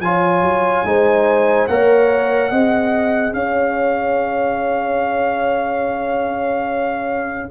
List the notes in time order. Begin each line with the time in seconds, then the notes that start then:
0.00 F3 F4 C#5 G#5
0.41 F#3
0.84 G#3 D#4 C5
1.67 A#3 A#4 C#5 F#5
2.50 C4 G#4 D#5
3.33 C#4 C#5 F5